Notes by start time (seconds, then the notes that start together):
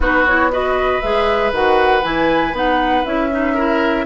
0.00 B3 D#4 F#4 B4
0.26 E4 C#5
0.51 F#4 B4 D#5
1.01 G#3 G#4 E5
1.51 D#3 F#4 F#5
2.02 E3 E4 G#5
2.53 B3 D#4 F#5
3.05 C#4 E4 E5
3.31 D#4
3.53 E4 A#4